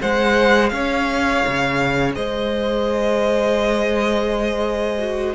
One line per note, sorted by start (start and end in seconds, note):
0.00 0.72 G#3
0.00 4.99 G#4
0.00 0.72 C5
0.00 0.69 F#5
0.69 1.43 C#4
0.69 2.15 C#5
0.69 2.12 F5
1.47 2.16 C#3
2.15 5.35 G#3
2.15 5.35 C5
2.15 5.35 D#5
4.99 5.34 F#4